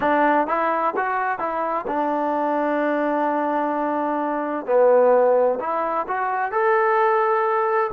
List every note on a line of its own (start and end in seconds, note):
0.00 0.47 D4
0.47 0.93 E4
0.96 1.38 F#4
1.38 1.85 E4
1.87 4.66 D4
4.66 5.59 B3
5.59 6.06 E4
6.07 6.51 F#4
6.51 7.91 A4